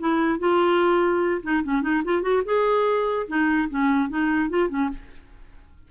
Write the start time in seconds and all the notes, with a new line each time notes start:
0.00 E4
0.40 F4
1.43 D#4
1.64 C#4
1.83 D#4
2.05 F4
2.23 F#4
2.46 G#4
3.28 D#4
3.70 C#4
4.09 D#4
4.50 F4
4.70 C#4